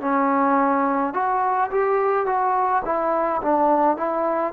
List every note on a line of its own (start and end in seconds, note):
0.00 1.13 C#4
1.13 1.70 F#4
1.70 2.25 G4
2.25 2.82 F#4
2.84 3.41 E4
3.42 3.96 D4
3.96 4.53 E4